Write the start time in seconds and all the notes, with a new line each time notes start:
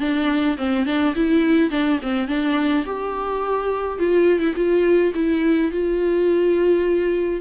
0.00 D4
0.58 C4
0.86 D4
1.15 E4
1.71 D4
2.02 C4
2.28 D4
2.86 G4
3.99 F4
4.40 E4
4.56 F4
5.15 E4
5.71 F4